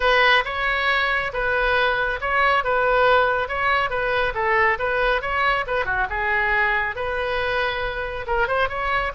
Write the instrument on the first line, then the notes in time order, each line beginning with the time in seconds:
oboe
0.00 B4
0.44 C#5
1.33 B4
2.20 C#5
2.63 B4
3.48 C#5
3.90 B4
4.34 A4
4.78 B4
5.21 C#5
5.66 B4
5.85 F#4
6.09 G#4
6.95 B4
8.26 A#4
8.47 C5
8.68 C#5